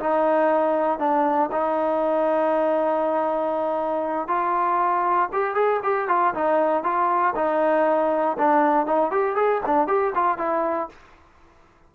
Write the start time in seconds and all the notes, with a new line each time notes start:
0.00 D#4
0.99 D4
1.52 D#4
4.28 F4
5.33 G4
5.55 G#4
5.83 G4
6.09 F4
6.34 D#4
6.84 F4
7.35 D#4
8.38 D4
8.86 D#4
9.11 G4
9.36 G#4
9.66 D4
9.88 G4
10.15 F4
10.38 E4